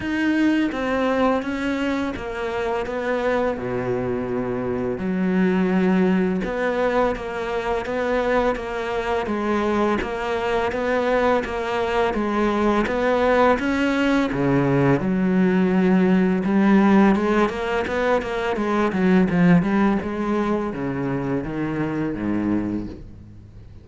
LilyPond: \new Staff \with { instrumentName = "cello" } { \time 4/4 \tempo 4 = 84 dis'4 c'4 cis'4 ais4 | b4 b,2 fis4~ | fis4 b4 ais4 b4 | ais4 gis4 ais4 b4 |
ais4 gis4 b4 cis'4 | cis4 fis2 g4 | gis8 ais8 b8 ais8 gis8 fis8 f8 g8 | gis4 cis4 dis4 gis,4 | }